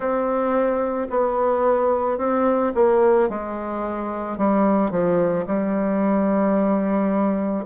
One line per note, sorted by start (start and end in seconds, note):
0.00 1.08 C4
1.10 2.18 B3
2.18 2.72 C4
2.74 3.29 A#3
3.29 4.37 G#3
4.37 4.90 G3
4.90 5.45 F3
5.46 7.65 G3